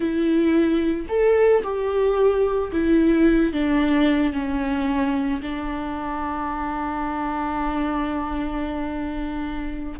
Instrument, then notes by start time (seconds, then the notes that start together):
viola
0.00 E4
1.08 A4
1.63 G4
2.72 E4
3.53 D4
4.32 C#4
5.42 D4